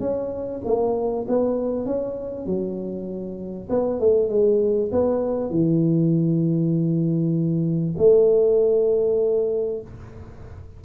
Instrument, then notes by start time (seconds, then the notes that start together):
tuba
0.00 C#4
0.65 A#3
1.28 B3
1.86 C#4
2.46 F#3
3.69 B3
4.00 A3
4.29 G#3
4.91 B3
5.50 E3
7.98 A3